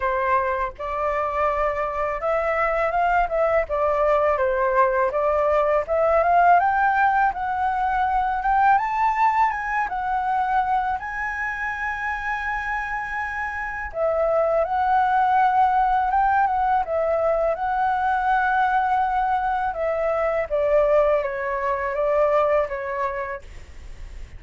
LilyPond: \new Staff \with { instrumentName = "flute" } { \time 4/4 \tempo 4 = 82 c''4 d''2 e''4 | f''8 e''8 d''4 c''4 d''4 | e''8 f''8 g''4 fis''4. g''8 | a''4 gis''8 fis''4. gis''4~ |
gis''2. e''4 | fis''2 g''8 fis''8 e''4 | fis''2. e''4 | d''4 cis''4 d''4 cis''4 | }